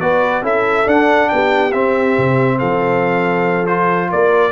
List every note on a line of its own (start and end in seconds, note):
0.00 0.43 B3
0.00 0.43 F#4
0.00 0.43 B4
0.00 0.43 D5
0.43 0.86 C#4
0.43 0.85 E4
0.43 1.29 A4
0.43 0.88 E5
0.85 1.71 D4
0.85 1.30 D4
0.85 1.29 F#5
1.29 1.73 B3
1.29 2.58 G4
1.29 1.72 G5
1.72 2.16 C4
1.72 3.67 C4
1.72 2.58 E5
2.18 2.61 C3
2.58 4.12 F3
2.58 4.09 A4
2.58 3.67 F5
3.67 4.52 F4
3.67 4.10 C5
4.10 4.52 A#3
4.10 4.52 A#4
4.10 4.52 D5